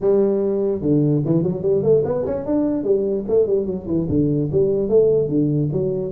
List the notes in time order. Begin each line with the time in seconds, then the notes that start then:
0.01 G3
0.81 D3
1.25 E3
1.43 F#3
1.62 G3
1.82 A3
2.05 B3
2.25 C#4
2.45 D4
2.83 G3
3.27 A3
3.47 G3
3.65 F#3
3.87 E3
4.09 D3
4.51 G3
4.88 A3
5.28 D3
5.72 F#3